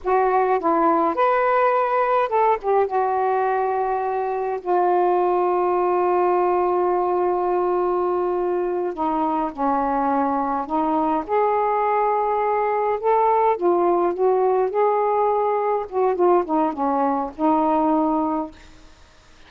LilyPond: \new Staff \with { instrumentName = "saxophone" } { \time 4/4 \tempo 4 = 104 fis'4 e'4 b'2 | a'8 g'8 fis'2. | f'1~ | f'2.~ f'8 dis'8~ |
dis'8 cis'2 dis'4 gis'8~ | gis'2~ gis'8 a'4 f'8~ | f'8 fis'4 gis'2 fis'8 | f'8 dis'8 cis'4 dis'2 | }